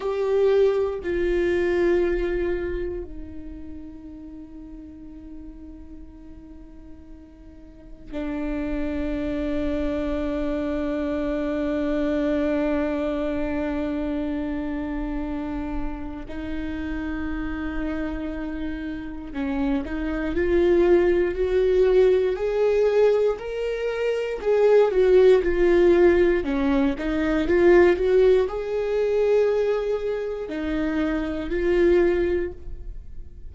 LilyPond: \new Staff \with { instrumentName = "viola" } { \time 4/4 \tempo 4 = 59 g'4 f'2 dis'4~ | dis'1 | d'1~ | d'1 |
dis'2. cis'8 dis'8 | f'4 fis'4 gis'4 ais'4 | gis'8 fis'8 f'4 cis'8 dis'8 f'8 fis'8 | gis'2 dis'4 f'4 | }